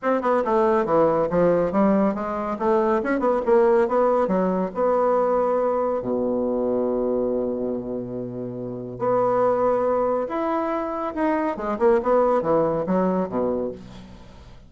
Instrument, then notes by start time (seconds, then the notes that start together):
bassoon
0.02 C4
0.21 B3
0.44 A3
0.85 E3
1.30 F3
1.72 G3
2.14 G#3
2.59 A3
3.03 C#4
3.19 B3
3.45 A#3
3.88 B3
4.27 F#3
4.74 B3
6.02 B2
8.98 B3
10.28 E4
11.14 D#4
11.56 G#3
11.79 A#3
12.02 B3
12.42 E3
12.86 F#3
13.28 B2